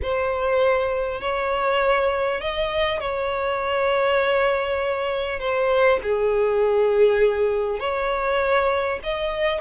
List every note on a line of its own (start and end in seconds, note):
0.02 1.21 C5
1.21 2.41 C#5
2.41 3.00 D#5
3.00 5.39 C#5
5.39 5.99 C5
6.02 7.79 G#4
7.79 8.99 C#5
9.03 9.61 D#5